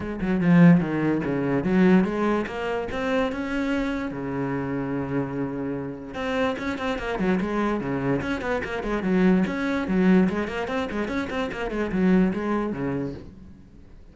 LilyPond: \new Staff \with { instrumentName = "cello" } { \time 4/4 \tempo 4 = 146 gis8 fis8 f4 dis4 cis4 | fis4 gis4 ais4 c'4 | cis'2 cis2~ | cis2. c'4 |
cis'8 c'8 ais8 fis8 gis4 cis4 | cis'8 b8 ais8 gis8 fis4 cis'4 | fis4 gis8 ais8 c'8 gis8 cis'8 c'8 | ais8 gis8 fis4 gis4 cis4 | }